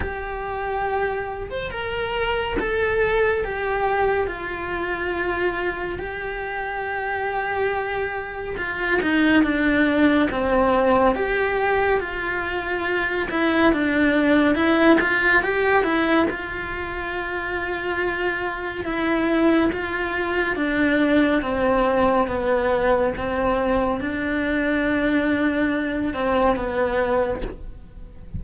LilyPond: \new Staff \with { instrumentName = "cello" } { \time 4/4 \tempo 4 = 70 g'4.~ g'16 c''16 ais'4 a'4 | g'4 f'2 g'4~ | g'2 f'8 dis'8 d'4 | c'4 g'4 f'4. e'8 |
d'4 e'8 f'8 g'8 e'8 f'4~ | f'2 e'4 f'4 | d'4 c'4 b4 c'4 | d'2~ d'8 c'8 b4 | }